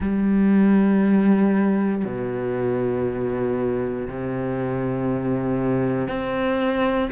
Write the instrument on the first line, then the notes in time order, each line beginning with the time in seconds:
cello
0.00 G3
2.04 B2
4.08 C3
6.07 C4